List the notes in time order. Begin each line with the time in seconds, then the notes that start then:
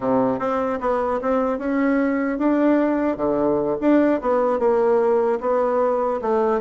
0.00 C3
0.39 C4
0.80 B3
1.21 C4
1.58 C#4
2.38 D4
3.17 D3
3.80 D4
4.21 B3
4.59 A#3
5.40 B3
6.21 A3